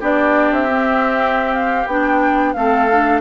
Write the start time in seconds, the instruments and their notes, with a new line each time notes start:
0.00 bassoon B3, clarinet D4, oboe G4, flute D5
0.51 bassoon C4, flute E5
0.70 clarinet C4
1.54 flute F5
1.87 bassoon B3, clarinet D4, flute G5
2.53 bassoon A3, clarinet C4, oboe A4, flute F5
2.91 clarinet D4